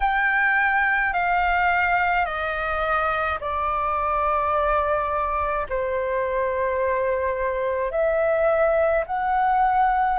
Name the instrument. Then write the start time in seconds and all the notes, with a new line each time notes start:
flute
0.00 G5
1.13 F5
2.25 D#5
3.40 D5
5.69 C5
7.91 E5
9.06 F#5